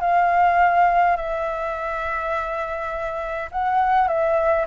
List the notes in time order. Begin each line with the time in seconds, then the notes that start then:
0.00 F5
1.16 E5
3.51 F#5
4.07 E5